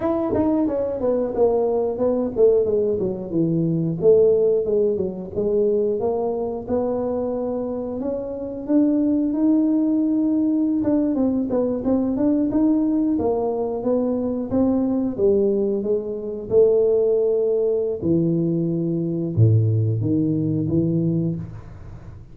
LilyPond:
\new Staff \with { instrumentName = "tuba" } { \time 4/4 \tempo 4 = 90 e'8 dis'8 cis'8 b8 ais4 b8 a8 | gis8 fis8 e4 a4 gis8 fis8 | gis4 ais4 b2 | cis'4 d'4 dis'2~ |
dis'16 d'8 c'8 b8 c'8 d'8 dis'4 ais16~ | ais8. b4 c'4 g4 gis16~ | gis8. a2~ a16 e4~ | e4 a,4 dis4 e4 | }